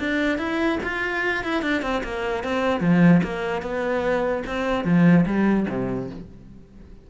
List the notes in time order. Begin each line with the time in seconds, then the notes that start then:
0.00 D4
0.39 E4
0.84 F4
1.44 E4
1.62 D4
1.83 C4
2.04 A#3
2.44 C4
2.81 F3
3.24 A#3
3.63 B3
4.47 C4
4.85 F3
5.26 G3
5.70 C3